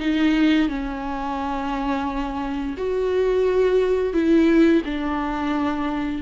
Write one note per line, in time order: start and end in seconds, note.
0.00 0.69 D#4
0.69 2.76 C#4
2.78 4.14 F#4
4.14 4.83 E4
4.85 6.23 D4